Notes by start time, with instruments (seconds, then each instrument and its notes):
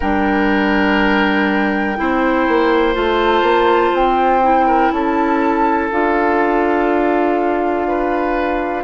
0.00 bassoon G3, clarinet D4, oboe A#4, flute G5
1.97 bassoon C4, clarinet E4, oboe C5
2.48 bassoon A#3
2.93 bassoon A3, clarinet F4, flute A5
3.42 bassoon A#3
3.92 bassoon C4, flute G5
4.42 clarinet E4
4.67 oboe A#4
4.91 bassoon C#4, oboe A4, flute A5
5.91 bassoon D4, clarinet F4, flute F5
7.87 oboe B4